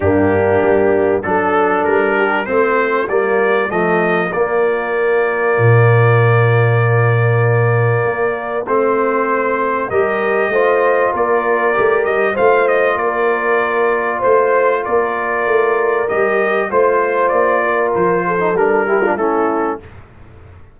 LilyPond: <<
  \new Staff \with { instrumentName = "trumpet" } { \time 4/4 \tempo 4 = 97 g'2 a'4 ais'4 | c''4 d''4 dis''4 d''4~ | d''1~ | d''2 c''2 |
dis''2 d''4. dis''8 | f''8 dis''8 d''2 c''4 | d''2 dis''4 c''4 | d''4 c''4 ais'4 a'4 | }
  \new Staff \with { instrumentName = "horn" } { \time 4/4 d'2 a'4. g'8 | f'1~ | f'1~ | f'1 |
ais'4 c''4 ais'2 | c''4 ais'2 c''4 | ais'2. c''4~ | c''8 ais'4 a'4 g'16 f'16 e'4 | }
  \new Staff \with { instrumentName = "trombone" } { \time 4/4 ais2 d'2 | c'4 ais4 a4 ais4~ | ais1~ | ais2 c'2 |
g'4 f'2 g'4 | f'1~ | f'2 g'4 f'4~ | f'4.~ f'16 dis'16 d'8 e'16 d'16 cis'4 | }
  \new Staff \with { instrumentName = "tuba" } { \time 4/4 g,4 g4 fis4 g4 | a4 g4 f4 ais4~ | ais4 ais,2.~ | ais,4 ais4 a2 |
g4 a4 ais4 a8 g8 | a4 ais2 a4 | ais4 a4 g4 a4 | ais4 f4 g4 a4 | }
>>